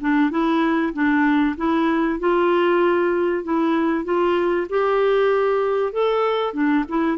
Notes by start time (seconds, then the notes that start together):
0.00 D4
0.30 E4
0.93 D4
1.57 E4
2.19 F4
3.43 E4
4.04 F4
4.69 G4
5.92 A4
6.53 D4
6.88 E4